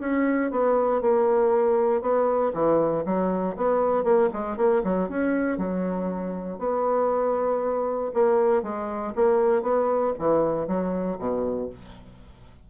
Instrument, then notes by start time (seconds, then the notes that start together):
bassoon
0.00 C#4
0.51 B3
1.01 A#3
2.02 B3
2.53 E3
3.05 F#3
3.56 B3
4.04 A#3
4.33 G#3
4.57 A#3
4.84 F#3
5.09 C#4
5.58 F#3
6.59 B3
8.14 A#3
8.63 G#3
9.15 A#3
9.62 B3
10.19 E3
10.68 F#3
11.19 B2